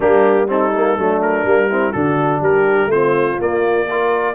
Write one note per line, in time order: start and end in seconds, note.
0.00 0.97 G3
0.00 0.47 A#3
0.00 0.47 D4
0.00 0.49 G4
0.47 0.71 C4
0.47 0.98 D#4
0.47 1.21 A4
0.75 0.98 A#3
0.97 1.44 F#3
0.97 1.46 A3
0.97 1.68 D4
1.21 1.92 A#4
1.44 1.92 G3
1.44 1.69 A#3
1.68 1.93 C4
1.68 1.92 E4
1.92 2.40 D3
1.92 2.90 D4
1.92 2.40 F#4
1.92 2.40 A4
2.40 2.86 G3
2.40 2.90 G4
2.40 2.91 A#4
2.86 3.34 A3
2.86 3.37 C4
2.86 3.87 F4
2.86 3.39 C5
3.37 3.86 A#3
3.37 4.34 A#3
3.37 4.34 D5
3.90 4.34 F4
3.90 4.34 A#4